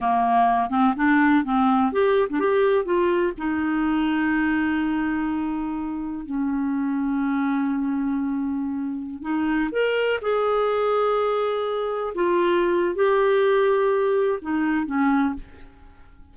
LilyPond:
\new Staff \with { instrumentName = "clarinet" } { \time 4/4 \tempo 4 = 125 ais4. c'8 d'4 c'4 | g'8. d'16 g'4 f'4 dis'4~ | dis'1~ | dis'4 cis'2.~ |
cis'2.~ cis'16 dis'8.~ | dis'16 ais'4 gis'2~ gis'8.~ | gis'4~ gis'16 f'4.~ f'16 g'4~ | g'2 dis'4 cis'4 | }